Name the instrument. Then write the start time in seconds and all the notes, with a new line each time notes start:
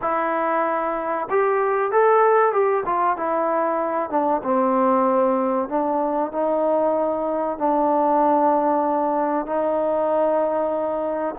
trombone
0.01 E4
1.30 G4
1.91 A4
2.52 G4
2.85 F4
3.17 E4
4.10 D4
4.43 C4
5.68 D4
6.32 D#4
7.58 D4
9.46 D#4